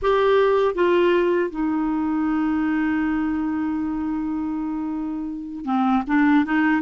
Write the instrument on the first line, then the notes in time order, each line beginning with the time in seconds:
clarinet
0.01 G4
0.74 F4
1.50 D#4
5.65 C4
6.07 D4
6.45 D#4